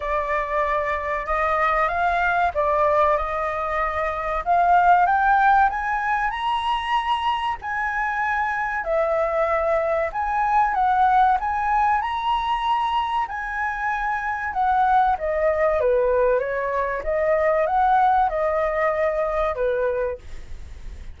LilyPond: \new Staff \with { instrumentName = "flute" } { \time 4/4 \tempo 4 = 95 d''2 dis''4 f''4 | d''4 dis''2 f''4 | g''4 gis''4 ais''2 | gis''2 e''2 |
gis''4 fis''4 gis''4 ais''4~ | ais''4 gis''2 fis''4 | dis''4 b'4 cis''4 dis''4 | fis''4 dis''2 b'4 | }